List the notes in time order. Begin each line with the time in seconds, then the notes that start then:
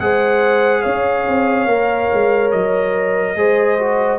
0.00 G#3 G#4 C5 F#5
0.82 C#4 C#5 F5
1.28 C4
1.66 A#3 A#4
2.13 G#3
2.51 F#3 D#5
3.36 G#3 G#4 C5
3.79 F#4